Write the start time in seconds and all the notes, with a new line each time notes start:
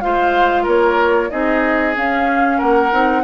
0.00 G#3 F4 C5 F5
0.63 A#3 A#4 C#5
1.30 C4 D#4 G#4 D#5
1.95 C#4 F5
2.58 A#3 A#4 F#5
2.91 C4 D#4